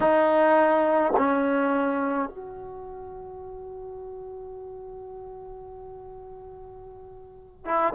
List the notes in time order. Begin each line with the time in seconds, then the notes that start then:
0.00 D#4
1.16 C#4
2.29 F#4
7.65 E4